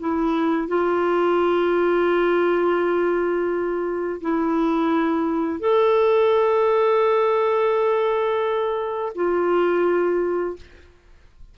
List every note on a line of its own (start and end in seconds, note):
0.00 0.68 E4
0.68 4.21 F4
4.21 5.60 E4
5.60 9.13 A4
9.15 10.57 F4